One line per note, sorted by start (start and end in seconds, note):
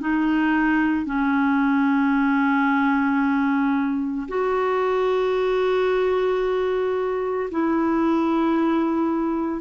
0.00 1.06 D#4
1.06 4.28 C#4
4.28 7.50 F#4
7.51 9.61 E4